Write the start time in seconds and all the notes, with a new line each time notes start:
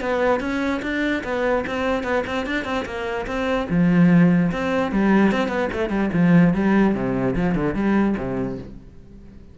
0.00 B3
0.40 C#4
0.82 D4
1.24 B3
1.67 C4
2.04 B3
2.27 C4
2.46 D4
2.65 C4
2.85 A#3
3.27 C4
3.70 F3
4.52 C4
4.92 G3
5.32 C4
5.48 B3
5.73 A3
5.89 G3
6.13 F3
6.54 G3
6.95 C3
7.36 F3
7.55 D3
7.75 G3
8.17 C3